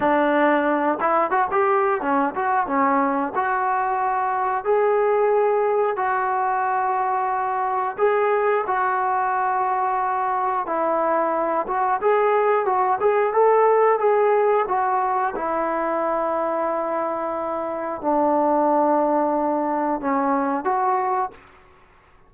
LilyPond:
\new Staff \with { instrumentName = "trombone" } { \time 4/4 \tempo 4 = 90 d'4. e'8 fis'16 g'8. cis'8 fis'8 | cis'4 fis'2 gis'4~ | gis'4 fis'2. | gis'4 fis'2. |
e'4. fis'8 gis'4 fis'8 gis'8 | a'4 gis'4 fis'4 e'4~ | e'2. d'4~ | d'2 cis'4 fis'4 | }